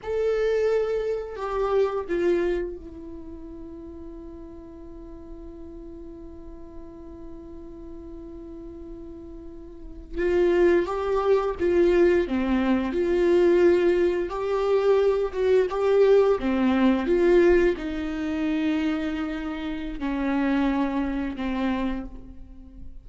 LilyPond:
\new Staff \with { instrumentName = "viola" } { \time 4/4 \tempo 4 = 87 a'2 g'4 f'4 | e'1~ | e'1~ | e'2~ e'8. f'4 g'16~ |
g'8. f'4 c'4 f'4~ f'16~ | f'8. g'4. fis'8 g'4 c'16~ | c'8. f'4 dis'2~ dis'16~ | dis'4 cis'2 c'4 | }